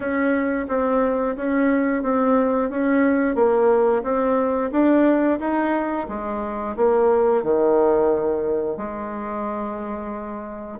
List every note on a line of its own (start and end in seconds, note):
0.00 0.66 C#4
0.68 1.35 C4
1.36 2.02 C#4
2.02 2.70 C4
2.70 3.35 C#4
3.35 4.02 A#3
4.03 4.70 C4
4.71 5.39 D4
5.39 6.06 D#4
6.08 6.75 G#3
6.76 7.43 A#3
7.43 8.77 D#3
8.77 10.79 G#3